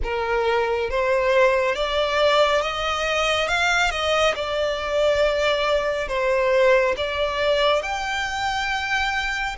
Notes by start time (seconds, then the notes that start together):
0.03 A#4
0.89 C5
1.75 D5
2.61 D#5
3.48 F5
3.91 D#5
4.35 D5
6.08 C5
6.96 D5
7.82 G5